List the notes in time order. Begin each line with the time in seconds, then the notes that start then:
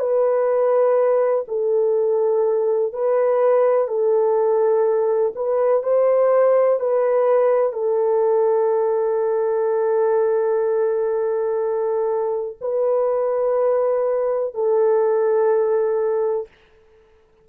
0.00 B4
1.48 A4
2.93 B4
3.88 A4
5.36 B4
5.83 C5
6.80 B4
7.73 A4
12.62 B4
14.55 A4